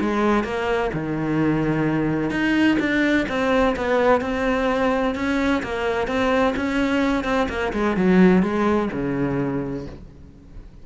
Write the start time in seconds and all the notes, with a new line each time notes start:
0.00 G#3
0.44 A#3
0.94 D#3
2.31 D#4
2.79 D4
3.28 C4
3.76 B3
4.21 C4
5.15 C#4
5.63 A#3
6.07 C4
6.56 C#4
7.24 C4
7.49 A#3
7.73 G#3
7.96 F#3
8.42 G#3
8.92 C#3